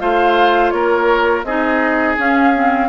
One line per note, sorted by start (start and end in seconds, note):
0.00 0.73 A3
0.00 1.45 F4
0.00 0.73 C5
0.00 0.70 F5
0.70 1.44 A#3
0.70 1.46 A#4
0.70 1.43 C#5
1.44 2.16 C4
1.44 2.18 D#4
1.44 2.89 G#4
1.44 2.16 D#5
2.18 2.89 C#4
2.18 2.55 C#4
2.18 2.89 F5
2.55 2.89 C4